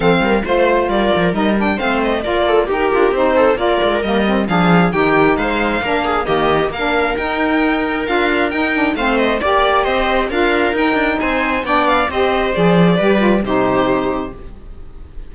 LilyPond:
<<
  \new Staff \with { instrumentName = "violin" } { \time 4/4 \tempo 4 = 134 f''4 c''4 d''4 dis''8 g''8 | f''8 dis''8 d''4 ais'4 c''4 | d''4 dis''4 f''4 g''4 | f''2 dis''4 f''4 |
g''2 f''4 g''4 | f''8 dis''8 d''4 dis''4 f''4 | g''4 gis''4 g''8 f''8 dis''4 | d''2 c''2 | }
  \new Staff \with { instrumentName = "viola" } { \time 4/4 a'8 ais'8 c''4 ais'2 | c''4 ais'8 a'8 g'4. a'8 | ais'2 gis'4 g'4 | c''4 ais'8 gis'8 g'4 ais'4~ |
ais'1 | c''4 d''4 c''4 ais'4~ | ais'4 c''4 d''4 c''4~ | c''4 b'4 g'2 | }
  \new Staff \with { instrumentName = "saxophone" } { \time 4/4 c'4 f'2 dis'8 d'8 | c'4 f'4 g'8 f'8 dis'4 | f'4 ais8 c'8 d'4 dis'4~ | dis'4 d'4 ais4 d'4 |
dis'2 f'4 dis'8 d'8 | c'4 g'2 f'4 | dis'2 d'4 g'4 | gis'4 g'8 f'8 dis'2 | }
  \new Staff \with { instrumentName = "cello" } { \time 4/4 f8 g8 a4 g8 f8 g4 | a4 ais4 dis'8 d'8 c'4 | ais8 gis8 g4 f4 dis4 | gis4 ais4 dis4 ais4 |
dis'2 d'4 dis'4 | a4 ais4 c'4 d'4 | dis'8 d'8 c'4 b4 c'4 | f4 g4 c2 | }
>>